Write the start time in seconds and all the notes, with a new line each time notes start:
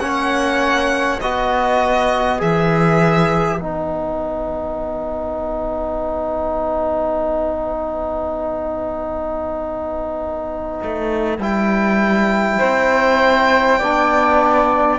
0.00 A#3 C#4 C#5 F#5
1.21 B3 F#4 B4 D#5
2.39 E3 G#4 E5
3.60 B3 D#4 F#5
10.83 A3
11.38 G3 E4 G5
12.59 C4 C5
13.79 B3 D4 D5